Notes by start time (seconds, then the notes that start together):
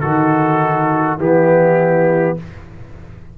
0.00 D#3 D#4 F#4 A4
1.17 E3 B3 E4 G4